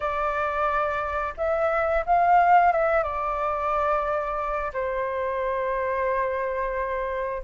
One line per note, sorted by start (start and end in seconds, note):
0.00 1.34 D5
1.37 2.04 E5
2.06 2.72 F5
2.72 3.03 E5
3.03 4.72 D5
4.73 7.42 C5